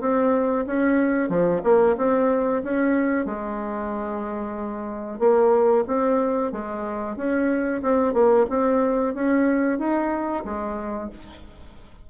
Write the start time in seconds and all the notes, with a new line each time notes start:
0.00 C4
0.66 C#4
1.29 F3
1.63 A#3
1.97 C4
2.63 C#4
3.25 G#3
5.19 A#3
5.87 C4
6.52 G#3
7.16 C#4
7.82 C4
8.13 A#3
8.49 C4
9.14 C#4
9.79 D#4
10.44 G#3